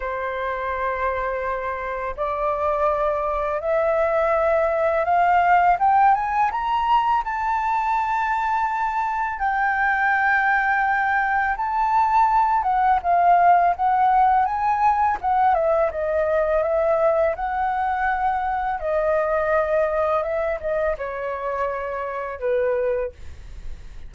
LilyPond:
\new Staff \with { instrumentName = "flute" } { \time 4/4 \tempo 4 = 83 c''2. d''4~ | d''4 e''2 f''4 | g''8 gis''8 ais''4 a''2~ | a''4 g''2. |
a''4. fis''8 f''4 fis''4 | gis''4 fis''8 e''8 dis''4 e''4 | fis''2 dis''2 | e''8 dis''8 cis''2 b'4 | }